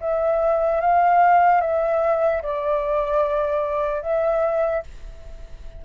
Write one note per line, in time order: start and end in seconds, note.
0.00 0.81 E5
0.81 1.60 F5
1.60 2.41 E5
2.42 4.02 D5
4.02 4.83 E5